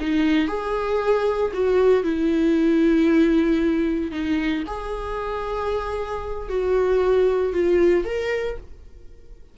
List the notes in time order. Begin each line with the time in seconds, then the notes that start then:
0.00 D#4
0.47 G#4
1.53 F#4
2.03 E4
4.11 D#4
4.67 G#4
6.49 F#4
7.53 F4
8.05 A#4